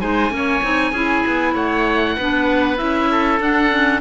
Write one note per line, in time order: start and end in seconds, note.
0.00 0.30 G#3
0.00 0.30 D#4
0.00 0.32 C5
0.00 1.55 G#5
0.30 0.61 A#3
0.30 0.61 C#4
0.36 0.92 C#5
0.62 0.92 C4
0.62 0.93 D#4
0.92 1.23 C#4
0.92 2.18 E4
0.92 1.54 G#4
1.27 1.54 B3
1.54 2.16 A3
1.54 2.16 C#5
1.54 2.78 F#5
2.16 2.80 B3
2.16 2.77 D4
2.16 3.09 B4
2.77 3.40 C#4
2.77 3.39 E4
2.77 3.39 E5
3.11 4.01 A4
3.40 4.01 D4
3.40 3.70 D4
3.40 4.01 F#5
3.70 4.01 C#4